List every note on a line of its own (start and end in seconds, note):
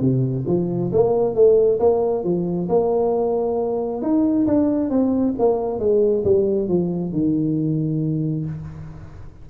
0.00 0.44 C3
0.47 0.91 F3
0.92 1.35 A#3
1.35 1.79 A3
1.79 2.24 A#3
2.24 2.68 F3
2.69 4.02 A#3
4.02 4.46 D#4
4.47 4.90 D4
4.90 5.34 C4
5.39 5.79 A#3
5.79 6.24 G#3
6.24 6.68 G3
6.68 7.12 F3
7.12 8.45 D#3